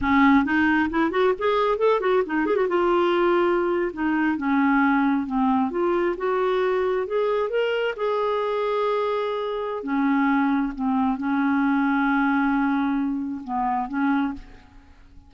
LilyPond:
\new Staff \with { instrumentName = "clarinet" } { \time 4/4 \tempo 4 = 134 cis'4 dis'4 e'8 fis'8 gis'4 | a'8 fis'8 dis'8 gis'16 fis'16 f'2~ | f'8. dis'4 cis'2 c'16~ | c'8. f'4 fis'2 gis'16~ |
gis'8. ais'4 gis'2~ gis'16~ | gis'2 cis'2 | c'4 cis'2.~ | cis'2 b4 cis'4 | }